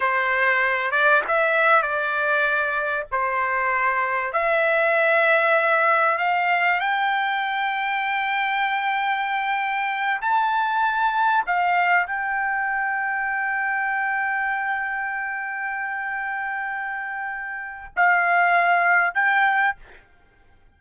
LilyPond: \new Staff \with { instrumentName = "trumpet" } { \time 4/4 \tempo 4 = 97 c''4. d''8 e''4 d''4~ | d''4 c''2 e''4~ | e''2 f''4 g''4~ | g''1~ |
g''8 a''2 f''4 g''8~ | g''1~ | g''1~ | g''4 f''2 g''4 | }